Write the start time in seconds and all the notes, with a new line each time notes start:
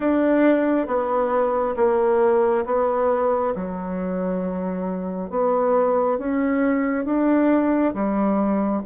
0.00 D4
0.87 B3
1.76 A#3
2.65 B3
3.55 F#3
5.30 B3
6.18 C#4
7.05 D4
7.94 G3